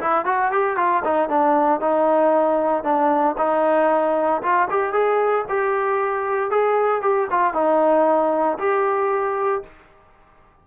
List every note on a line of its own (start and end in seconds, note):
0.00 0.25 E4
0.25 0.51 F#4
0.51 0.76 G4
0.76 1.02 F4
1.04 1.29 D#4
1.29 1.80 D4
1.80 2.83 D#4
2.83 3.35 D4
3.37 4.42 D#4
4.42 4.68 F4
4.70 4.93 G4
4.93 5.45 G#4
5.49 6.50 G4
6.50 7.01 G#4
7.01 7.27 G4
7.30 7.53 F4
7.53 8.58 D#4
8.58 9.62 G4